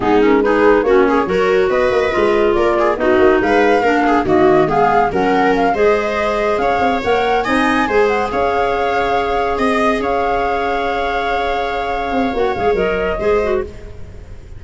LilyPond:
<<
  \new Staff \with { instrumentName = "flute" } { \time 4/4 \tempo 4 = 141 gis'8 ais'8 b'4 cis''2 | dis''2 d''4 dis''4 | f''2 dis''4 f''4 | fis''4 f''8 dis''2 f''8~ |
f''8 fis''4 gis''4. fis''8 f''8~ | f''2~ f''8 dis''4 f''8~ | f''1~ | f''4 fis''8 f''8 dis''2 | }
  \new Staff \with { instrumentName = "viola" } { \time 4/4 dis'4 gis'4 fis'8 gis'8 ais'4 | b'2 ais'8 gis'8 fis'4 | b'4 ais'8 gis'8 fis'4 gis'4 | ais'4. c''2 cis''8~ |
cis''4. dis''4 c''4 cis''8~ | cis''2~ cis''8 dis''4 cis''8~ | cis''1~ | cis''2. c''4 | }
  \new Staff \with { instrumentName = "clarinet" } { \time 4/4 b8 cis'8 dis'4 cis'4 fis'4~ | fis'4 f'2 dis'4~ | dis'4 d'4 ais4 b4 | cis'4. gis'2~ gis'8~ |
gis'8 ais'4 dis'4 gis'4.~ | gis'1~ | gis'1~ | gis'4 fis'8 gis'8 ais'4 gis'8 fis'8 | }
  \new Staff \with { instrumentName = "tuba" } { \time 4/4 gis2 ais4 fis4 | b8 ais8 gis4 ais4 b8 ais8 | gis4 ais4 dis4 gis4 | fis4. gis2 cis'8 |
c'8 ais4 c'4 gis4 cis'8~ | cis'2~ cis'8 c'4 cis'8~ | cis'1~ | cis'8 c'8 ais8 gis8 fis4 gis4 | }
>>